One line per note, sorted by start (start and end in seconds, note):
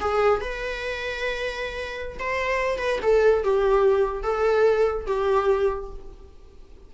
0.00 0.41 G#4
0.41 2.18 B4
2.19 2.78 C5
2.78 2.99 B4
3.02 3.44 A4
3.44 4.23 G4
4.23 5.06 A4
5.06 5.90 G4